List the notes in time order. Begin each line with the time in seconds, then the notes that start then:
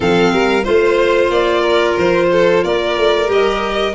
0.00 F3 C4 A4 F5
0.32 G3 A#4
0.63 A3 F4 C5
1.29 A#3 D5
1.61 A#4
1.97 F3 C5
2.32 A4
2.64 A#3 A#4 D5
2.97 A3
3.26 G3 G4 D#5